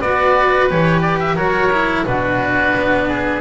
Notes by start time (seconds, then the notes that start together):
0.00 B3 F#4 B4 D5
0.70 E3 G4 C#5
1.02 D5
1.20 E5
1.36 F#3 F#4 A#4 C#5
1.73 E4
2.06 B2 D4 F#4 B4
2.76 B3
3.09 G#4